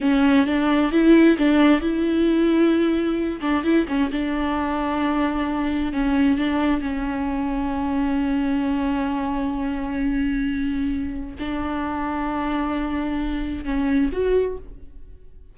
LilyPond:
\new Staff \with { instrumentName = "viola" } { \time 4/4 \tempo 4 = 132 cis'4 d'4 e'4 d'4 | e'2.~ e'8 d'8 | e'8 cis'8 d'2.~ | d'4 cis'4 d'4 cis'4~ |
cis'1~ | cis'1~ | cis'4 d'2.~ | d'2 cis'4 fis'4 | }